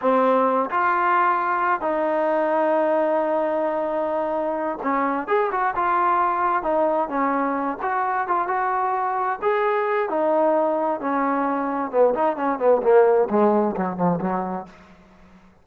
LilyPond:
\new Staff \with { instrumentName = "trombone" } { \time 4/4 \tempo 4 = 131 c'4. f'2~ f'8 | dis'1~ | dis'2~ dis'8 cis'4 gis'8 | fis'8 f'2 dis'4 cis'8~ |
cis'4 fis'4 f'8 fis'4.~ | fis'8 gis'4. dis'2 | cis'2 b8 dis'8 cis'8 b8 | ais4 gis4 fis8 f8 fis4 | }